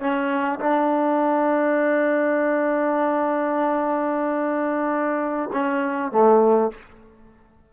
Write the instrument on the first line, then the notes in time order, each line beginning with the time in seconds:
trombone
0.00 C#4
0.60 D4
5.52 C#4
6.12 A3